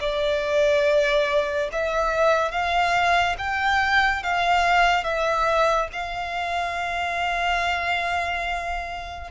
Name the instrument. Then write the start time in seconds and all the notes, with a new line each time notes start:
violin
0.00 D5
1.72 E5
2.51 F5
3.38 G5
4.23 F5
5.04 E5
5.92 F5